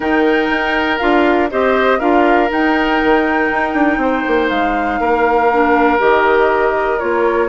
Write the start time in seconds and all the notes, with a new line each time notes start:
0.00 D#3 D#4 A#4 G5
0.49 D#4
0.98 D4 F4 F5
1.50 C4 G4 C5 D#5
1.98 D4 F4 A#4 F5
2.48 D#4 G5
3.03 D#3
3.50 D#4
3.73 D4
3.97 C4 C5
4.27 A#3
4.48 G#3 F5
4.99 A#3 A#4
5.52 D4
5.98 D#3 G4 D#5
6.99 A#3 F4 C#5